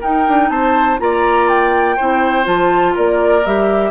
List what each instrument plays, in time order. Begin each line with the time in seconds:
0.00 clarinet D#4, bassoon D#4, oboe A#4, flute G5
0.28 bassoon D4
0.49 bassoon C4, oboe C5, flute A5
0.98 bassoon A#3, clarinet F4, oboe D5, flute A#5
1.48 flute G5
1.96 bassoon C4, clarinet E4, oboe C5
2.43 bassoon F3, clarinet F4, flute A5
2.94 bassoon A#3, oboe A#4, flute D5
3.45 bassoon G3, clarinet G4, flute E5